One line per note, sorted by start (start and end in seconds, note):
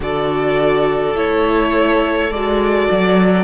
0.00 1.14 D3
0.00 1.14 F#4
0.00 3.43 A4
0.00 1.16 D5
1.14 2.30 A3
1.14 2.30 E4
1.14 2.31 C#5
2.30 2.87 G#3
2.30 3.43 F#4
2.30 3.43 D5
2.90 3.43 F#3